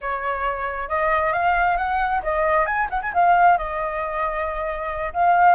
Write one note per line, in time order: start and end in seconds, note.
0.01 0.88 C#5
0.88 1.32 D#5
1.32 1.77 F5
1.77 2.21 F#5
2.23 2.66 D#5
2.66 2.88 G#5
2.90 3.01 F#5
3.01 3.13 G#5
3.13 3.57 F5
3.57 5.13 D#5
5.13 5.55 F5